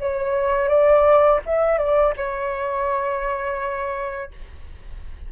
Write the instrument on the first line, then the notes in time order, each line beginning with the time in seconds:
flute
0.00 C#5
0.69 D5
1.46 E5
1.78 D5
2.17 C#5